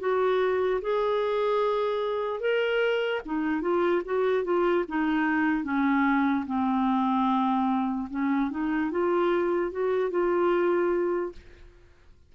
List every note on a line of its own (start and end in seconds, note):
0.00 0.81 F#4
0.82 2.40 G#4
2.40 3.21 A#4
3.26 3.62 D#4
3.62 4.02 F4
4.05 4.44 F#4
4.44 4.85 F4
4.89 5.64 D#4
5.64 6.45 C#4
6.46 8.09 C4
8.10 8.51 C#4
8.51 8.91 D#4
8.91 9.72 F4
9.72 10.11 F#4
10.11 11.33 F4